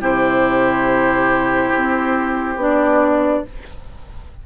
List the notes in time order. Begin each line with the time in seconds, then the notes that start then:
0.00 C3 E4 G4 C5
1.76 C4
2.55 B3 D4 D5